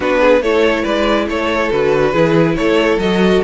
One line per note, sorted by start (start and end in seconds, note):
0.00 0.40 B3
0.00 0.41 D4
0.00 0.20 F#4
0.00 0.42 B4
0.20 0.42 G#4
0.40 0.83 A3
0.40 1.72 E4
0.40 0.83 A4
0.40 0.84 C#5
0.83 1.27 G#3
0.83 1.25 B4
0.83 1.27 D5
1.27 1.70 A3
1.27 2.12 A4
1.27 1.71 C#5
1.71 2.14 D3
1.71 2.14 F#4
1.71 2.55 B4
2.12 2.56 E3
2.12 2.99 E4
2.12 2.54 G#4
2.55 2.97 A3
2.55 3.43 A4
2.55 2.98 C#5
2.97 3.40 F#3
2.97 3.43 F#4
2.97 3.42 D#5